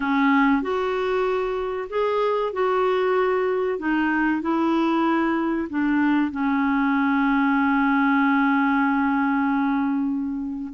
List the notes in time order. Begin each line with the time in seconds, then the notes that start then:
0.00 C#4
0.61 F#4
1.89 G#4
2.52 F#4
3.78 D#4
4.41 E4
5.69 D4
6.31 C#4